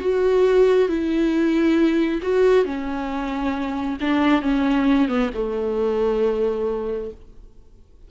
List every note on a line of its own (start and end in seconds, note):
0.00 0.88 F#4
0.89 2.21 E4
2.22 2.65 F#4
2.65 3.97 C#4
4.00 4.42 D4
4.42 5.08 C#4
5.08 5.30 B3
5.34 7.11 A3